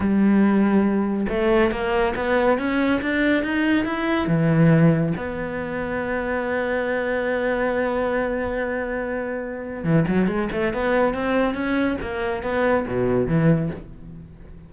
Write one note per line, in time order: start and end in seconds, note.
0.00 1.26 G3
1.29 1.71 A3
1.71 2.14 A#3
2.15 2.58 B3
2.58 3.01 C#4
3.01 3.43 D4
3.43 3.85 D#4
3.85 4.27 E4
4.27 5.13 E3
5.16 9.84 B3
9.84 10.05 E3
10.07 10.27 F#3
10.27 10.48 G#3
10.52 10.73 A3
10.73 11.14 B3
11.14 11.54 C4
11.54 11.97 C#4
12.01 12.43 A#3
12.43 12.86 B3
12.87 13.27 B2
13.27 13.70 E3